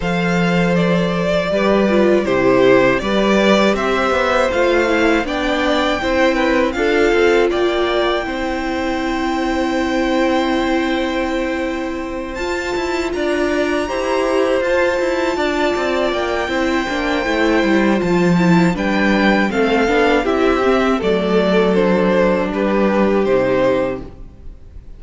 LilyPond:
<<
  \new Staff \with { instrumentName = "violin" } { \time 4/4 \tempo 4 = 80 f''4 d''2 c''4 | d''4 e''4 f''4 g''4~ | g''4 f''4 g''2~ | g''1~ |
g''8 a''4 ais''2 a''8~ | a''4. g''2~ g''8 | a''4 g''4 f''4 e''4 | d''4 c''4 b'4 c''4 | }
  \new Staff \with { instrumentName = "violin" } { \time 4/4 c''2 b'4 g'4 | b'4 c''2 d''4 | c''8 b'8 a'4 d''4 c''4~ | c''1~ |
c''4. d''4 c''4.~ | c''8 d''4. c''2~ | c''4 b'4 a'4 g'4 | a'2 g'2 | }
  \new Staff \with { instrumentName = "viola" } { \time 4/4 a'2 g'8 f'8 e'4 | g'2 f'8 e'8 d'4 | e'4 f'2 e'4~ | e'1~ |
e'8 f'2 g'4 f'8~ | f'2 e'8 d'8 e'4 | f'8 e'8 d'4 c'8 d'8 e'8 c'8 | a4 d'2 dis'4 | }
  \new Staff \with { instrumentName = "cello" } { \time 4/4 f2 g4 c4 | g4 c'8 b8 a4 b4 | c'4 d'8 c'8 ais4 c'4~ | c'1~ |
c'8 f'8 e'8 d'4 e'4 f'8 | e'8 d'8 c'8 ais8 c'8 ais8 a8 g8 | f4 g4 a8 b8 c'4 | fis2 g4 c4 | }
>>